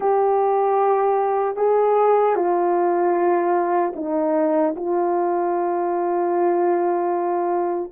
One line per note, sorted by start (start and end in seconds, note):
0.00 1.56 G4
1.56 2.35 G#4
2.35 3.93 F4
3.95 4.74 D#4
4.75 7.91 F4